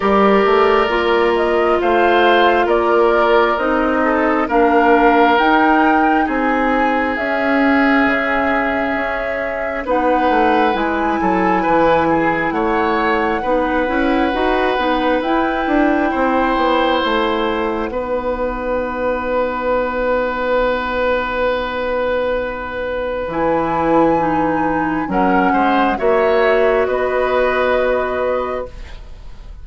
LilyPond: <<
  \new Staff \with { instrumentName = "flute" } { \time 4/4 \tempo 4 = 67 d''4. dis''8 f''4 d''4 | dis''4 f''4 g''4 gis''4 | e''2. fis''4 | gis''2 fis''2~ |
fis''4 g''2 fis''4~ | fis''1~ | fis''2 gis''2 | fis''4 e''4 dis''2 | }
  \new Staff \with { instrumentName = "oboe" } { \time 4/4 ais'2 c''4 ais'4~ | ais'8 a'8 ais'2 gis'4~ | gis'2. b'4~ | b'8 a'8 b'8 gis'8 cis''4 b'4~ |
b'2 c''2 | b'1~ | b'1 | ais'8 c''8 cis''4 b'2 | }
  \new Staff \with { instrumentName = "clarinet" } { \time 4/4 g'4 f'2. | dis'4 d'4 dis'2 | cis'2. dis'4 | e'2. dis'8 e'8 |
fis'8 dis'8 e'2. | dis'1~ | dis'2 e'4 dis'4 | cis'4 fis'2. | }
  \new Staff \with { instrumentName = "bassoon" } { \time 4/4 g8 a8 ais4 a4 ais4 | c'4 ais4 dis'4 c'4 | cis'4 cis4 cis'4 b8 a8 | gis8 fis8 e4 a4 b8 cis'8 |
dis'8 b8 e'8 d'8 c'8 b8 a4 | b1~ | b2 e2 | fis8 gis8 ais4 b2 | }
>>